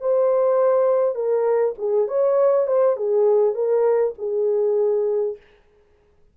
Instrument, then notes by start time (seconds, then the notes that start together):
horn
0.00 C5
1.15 A#4
1.78 G#4
2.07 C#5
2.67 C5
2.96 G#4
3.54 A#4
4.18 G#4